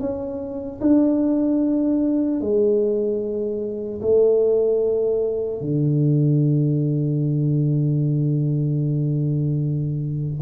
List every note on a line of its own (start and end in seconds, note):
0.00 0.80 C#4
0.81 2.41 D4
2.41 4.01 G#3
4.01 5.61 A3
5.61 10.41 D3